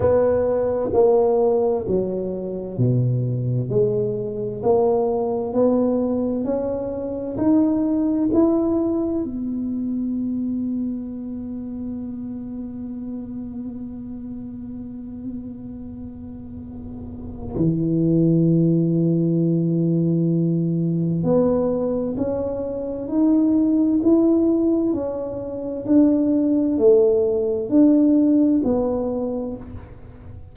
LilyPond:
\new Staff \with { instrumentName = "tuba" } { \time 4/4 \tempo 4 = 65 b4 ais4 fis4 b,4 | gis4 ais4 b4 cis'4 | dis'4 e'4 b2~ | b1~ |
b2. e4~ | e2. b4 | cis'4 dis'4 e'4 cis'4 | d'4 a4 d'4 b4 | }